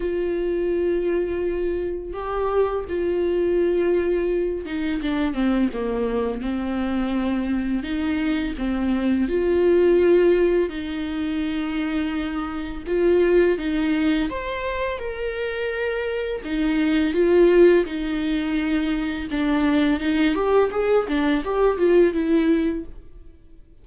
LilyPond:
\new Staff \with { instrumentName = "viola" } { \time 4/4 \tempo 4 = 84 f'2. g'4 | f'2~ f'8 dis'8 d'8 c'8 | ais4 c'2 dis'4 | c'4 f'2 dis'4~ |
dis'2 f'4 dis'4 | c''4 ais'2 dis'4 | f'4 dis'2 d'4 | dis'8 g'8 gis'8 d'8 g'8 f'8 e'4 | }